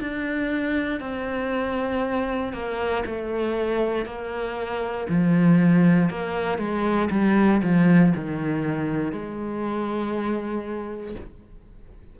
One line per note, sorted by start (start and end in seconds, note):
0.00 1.00 D4
1.00 2.52 C4
2.52 3.03 A#3
3.06 4.05 A3
4.05 5.07 A#3
5.08 6.09 F3
6.09 6.58 A#3
6.58 7.09 G#3
7.10 7.61 G3
7.62 8.13 F3
8.15 9.12 D#3
9.12 11.15 G#3